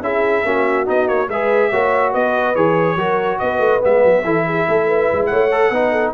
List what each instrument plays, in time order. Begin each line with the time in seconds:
0.00 tuba C#4, trombone E4, horn G#4, trumpet E5
0.45 tuba A#3, trombone C#4, horn F#4
0.85 tuba B3, trombone D#4, trumpet D#5
1.08 tuba A#3, trumpet C#5
1.29 tuba G#3, trombone G#4, horn B4, trumpet E5
1.71 tuba A#3, trombone F#4, horn C#5
2.12 tuba B3, horn B4, trumpet D#5
2.55 tuba E3, trombone G#4, trumpet C#5
2.96 tuba F#3, trombone F#4, horn A#4
3.39 tuba B3, horn B4, trumpet D#5
3.59 tuba A3
3.81 tuba G#3, trombone B3, trumpet E5
4.04 tuba F#3
4.24 tuba E3, trombone E4, horn A4
4.46 horn G#4
4.68 tuba A3, horn A4
4.87 horn B4
5.12 tuba G#3
5.26 tuba A3, horn C#5, trumpet F#5
5.51 trombone A4
5.71 tuba B3, trombone D#4, horn B4
5.91 horn A4